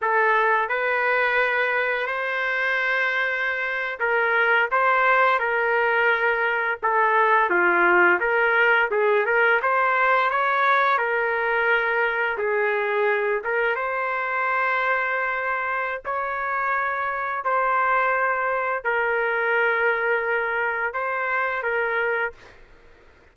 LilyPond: \new Staff \with { instrumentName = "trumpet" } { \time 4/4 \tempo 4 = 86 a'4 b'2 c''4~ | c''4.~ c''16 ais'4 c''4 ais'16~ | ais'4.~ ais'16 a'4 f'4 ais'16~ | ais'8. gis'8 ais'8 c''4 cis''4 ais'16~ |
ais'4.~ ais'16 gis'4. ais'8 c''16~ | c''2. cis''4~ | cis''4 c''2 ais'4~ | ais'2 c''4 ais'4 | }